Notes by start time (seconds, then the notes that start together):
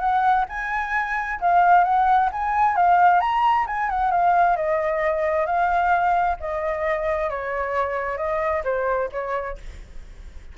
0.00 F#5
0.49 G#5
1.41 F5
1.85 F#5
2.32 G#5
2.76 F5
3.21 A#5
3.67 G#5
3.90 F#5
4.12 F5
4.57 D#5
5.46 F5
6.40 D#5
7.30 C#5
8.18 D#5
8.64 C5
9.12 C#5